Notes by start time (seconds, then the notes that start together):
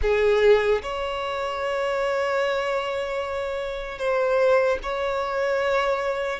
0.01 G#4
0.82 C#5
3.98 C5
4.83 C#5